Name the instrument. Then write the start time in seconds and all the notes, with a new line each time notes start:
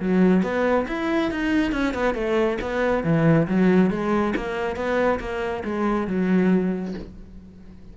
cello
0.00 F#3
0.43 B3
0.88 E4
1.31 D#4
1.72 C#4
1.94 B3
2.14 A3
2.61 B3
3.04 E3
3.48 F#3
3.90 G#3
4.36 A#3
4.76 B3
5.20 A#3
5.64 G#3
6.07 F#3